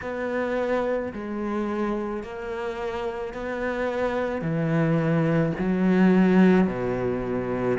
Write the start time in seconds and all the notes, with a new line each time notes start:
0.02 B3
1.13 G#3
2.23 A#3
3.33 B3
4.41 E3
5.59 F#3
6.67 B2